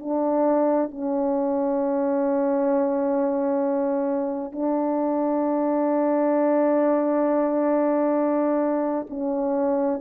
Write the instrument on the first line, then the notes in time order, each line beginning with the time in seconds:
horn
0.00 D4
0.91 C#4
4.52 D4
9.10 C#4